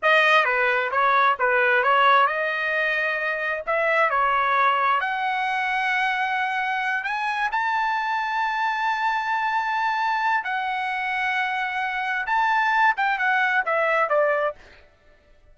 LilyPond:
\new Staff \with { instrumentName = "trumpet" } { \time 4/4 \tempo 4 = 132 dis''4 b'4 cis''4 b'4 | cis''4 dis''2. | e''4 cis''2 fis''4~ | fis''2.~ fis''8 gis''8~ |
gis''8 a''2.~ a''8~ | a''2. fis''4~ | fis''2. a''4~ | a''8 g''8 fis''4 e''4 d''4 | }